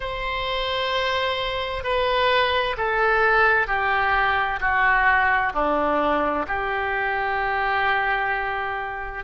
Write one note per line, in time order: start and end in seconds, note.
0.00 1.83 C5
1.83 2.76 B4
2.77 3.67 A4
3.67 4.59 G4
4.60 5.52 F#4
5.53 6.46 D4
6.47 9.24 G4